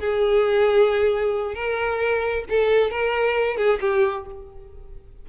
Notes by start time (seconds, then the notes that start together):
0.00 G#4
1.55 A#4
2.50 A4
2.91 A#4
3.57 G#4
3.81 G4